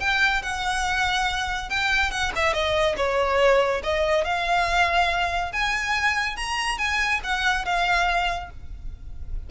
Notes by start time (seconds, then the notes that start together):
0.00 G5
0.42 F#5
1.70 G5
2.11 F#5
2.35 E5
2.53 D#5
2.97 C#5
3.83 D#5
4.24 F5
5.52 G#5
6.36 A#5
6.78 G#5
7.23 F#5
7.65 F5